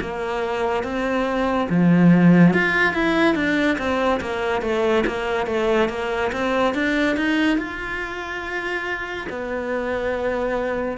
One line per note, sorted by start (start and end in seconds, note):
0.00 0.83 A#3
0.83 1.67 C4
1.69 2.53 F3
2.53 2.93 F4
2.93 3.35 E4
3.35 3.77 D4
3.78 4.20 C4
4.20 4.61 A#3
4.61 5.04 A3
5.06 5.46 A#3
5.46 5.88 A3
5.89 6.31 A#3
6.32 6.74 C4
6.74 7.16 D4
7.16 7.57 D#4
7.57 9.27 F4
9.29 10.97 B3